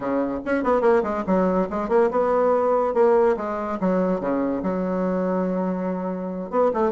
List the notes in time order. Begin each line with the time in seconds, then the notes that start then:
0.00 C#3
0.45 C#4
0.63 B3
0.81 A#3
1.03 G#3
1.26 F#3
1.70 G#3
1.89 A#3
2.11 B3
2.94 A#3
3.36 G#3
3.80 F#3
4.20 C#3
4.62 F#3
6.50 B3
6.73 A3